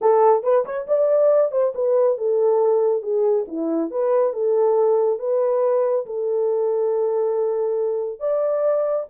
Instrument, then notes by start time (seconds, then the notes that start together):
horn
0.01 A4
0.43 B4
0.65 C#5
0.87 D5
1.51 C5
1.75 B4
2.17 A4
3.02 G#4
3.47 E4
3.91 B4
4.33 A4
5.19 B4
6.06 A4
8.19 D5